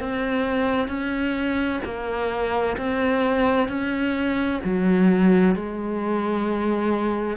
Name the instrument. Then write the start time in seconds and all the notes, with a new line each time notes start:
cello
0.00 C4
0.88 C#4
1.85 A#3
2.77 C4
3.68 C#4
4.64 F#3
5.56 G#3